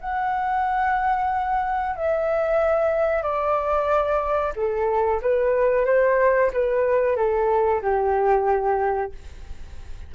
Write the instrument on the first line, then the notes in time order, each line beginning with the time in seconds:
flute
0.00 F#5
1.95 E5
3.22 D5
4.56 A4
5.22 B4
5.85 C5
6.53 B4
7.16 A4
7.81 G4